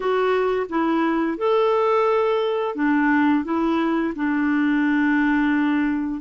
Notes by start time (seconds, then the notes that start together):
0.00 F#4
0.69 E4
1.37 A4
2.75 D4
3.44 E4
4.15 D4